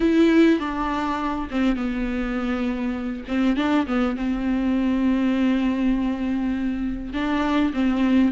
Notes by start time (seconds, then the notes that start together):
0.00 E4
0.59 D4
1.50 C4
1.76 B3
3.28 C4
3.56 D4
3.86 B3
4.16 C4
7.13 D4
7.73 C4